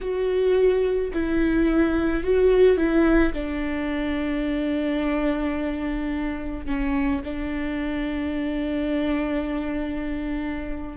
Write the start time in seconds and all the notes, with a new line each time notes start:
0.00 F#4
1.13 E4
2.23 F#4
2.77 E4
3.33 D4
6.66 C#4
7.23 D4